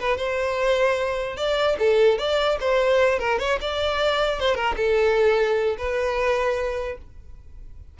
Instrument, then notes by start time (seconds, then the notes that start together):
violin
0.00 B4
0.17 C5
1.37 D5
1.79 A4
2.19 D5
2.61 C5
3.20 A#4
3.39 C#5
3.61 D5
4.40 C5
4.55 A#4
4.77 A4
5.78 B4